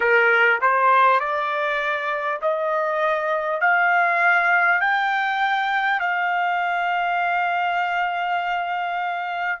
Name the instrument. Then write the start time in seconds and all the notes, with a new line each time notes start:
trumpet
0.00 A#4
0.61 C5
1.19 D5
2.41 D#5
3.61 F5
4.80 G5
5.99 F5